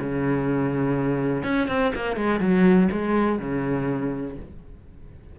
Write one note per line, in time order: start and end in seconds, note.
0.00 1.44 C#3
1.44 1.68 C#4
1.69 1.93 C4
1.96 2.17 A#3
2.17 2.40 G#3
2.40 2.89 F#3
2.92 3.39 G#3
3.39 4.37 C#3